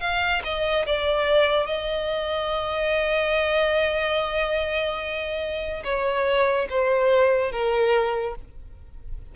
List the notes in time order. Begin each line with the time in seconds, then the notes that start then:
0.00 F5
0.44 D#5
0.86 D5
1.66 D#5
5.84 C#5
6.70 C5
7.52 A#4